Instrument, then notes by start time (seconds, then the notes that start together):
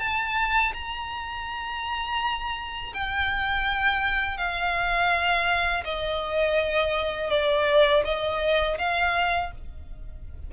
violin
0.00 A5
0.74 A#5
2.94 G5
4.38 F5
5.85 D#5
7.31 D5
8.05 D#5
8.78 F5